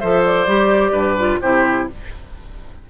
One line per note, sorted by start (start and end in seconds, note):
0.00 0.47 F3
0.00 0.48 A4
0.00 0.92 C5
0.00 0.24 E5
0.25 1.41 D5
0.47 0.92 G3
0.47 1.18 G4
0.92 1.39 G2
0.92 1.39 B4
1.18 1.42 F4
1.41 1.90 C3
1.41 1.90 E4
1.41 1.89 G4
1.41 1.88 C5